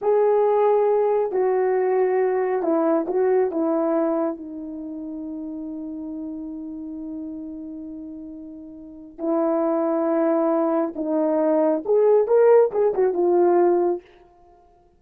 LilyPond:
\new Staff \with { instrumentName = "horn" } { \time 4/4 \tempo 4 = 137 gis'2. fis'4~ | fis'2 e'4 fis'4 | e'2 dis'2~ | dis'1~ |
dis'1~ | dis'4 e'2.~ | e'4 dis'2 gis'4 | ais'4 gis'8 fis'8 f'2 | }